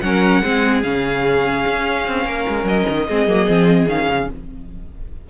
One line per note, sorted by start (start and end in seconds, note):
0.00 0.42 F#3
0.00 0.43 C#4
0.00 0.42 A#4
0.00 0.81 F#5
0.42 0.84 G#3
0.42 0.84 C4
0.42 2.25 G#4
0.83 1.65 C#3
0.83 3.07 C#4
0.83 2.66 F5
1.67 2.08 C#4
2.08 2.26 C4
2.26 2.46 A#3
2.26 3.07 A#4
2.49 2.64 G#3
2.64 2.84 F#3
2.64 3.89 D#5
2.89 3.10 D#3
3.08 3.28 G#3
3.08 3.29 C4
3.08 4.29 G#4
3.28 3.48 F#3
3.28 3.47 A#3
3.47 3.87 F3
3.47 3.88 C4
3.87 4.08 D#3
3.87 4.30 C#4
3.87 4.29 F5
4.09 4.29 C#3